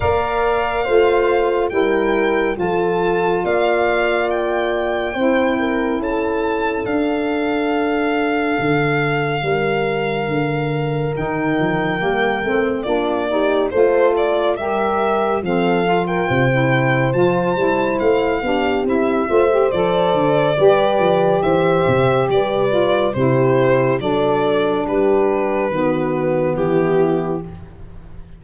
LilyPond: <<
  \new Staff \with { instrumentName = "violin" } { \time 4/4 \tempo 4 = 70 f''2 g''4 a''4 | f''4 g''2 a''4 | f''1~ | f''4 g''2 d''4 |
c''8 d''8 e''4 f''8. g''4~ g''16 | a''4 f''4 e''4 d''4~ | d''4 e''4 d''4 c''4 | d''4 b'2 g'4 | }
  \new Staff \with { instrumentName = "horn" } { \time 4/4 d''4 c''4 ais'4 a'4 | d''2 c''8 ais'8 a'4~ | a'2. ais'4~ | ais'2. f'8 g'8 |
a'4 ais'4 a'8. ais'16 c''4~ | c''4. g'4 c''4. | b'4 c''4 b'4 g'4 | a'4 g'4 fis'4 e'4 | }
  \new Staff \with { instrumentName = "saxophone" } { \time 4/4 ais'4 f'4 e'4 f'4~ | f'2 e'2 | d'1~ | d'4 dis'4 ais8 c'8 d'8 dis'8 |
f'4 g'4 c'8 f'8. e'8. | f'8 e'4 d'8 e'8 f'16 g'16 a'4 | g'2~ g'8 f'8 e'4 | d'2 b2 | }
  \new Staff \with { instrumentName = "tuba" } { \time 4/4 ais4 a4 g4 f4 | ais2 c'4 cis'4 | d'2 d4 g4 | d4 dis8 f8 g8 a8 ais4 |
a4 g4 f4 c4 | f8 g8 a8 b8 c'8 a8 f8 d8 | g8 f8 e8 c8 g4 c4 | fis4 g4 dis4 e4 | }
>>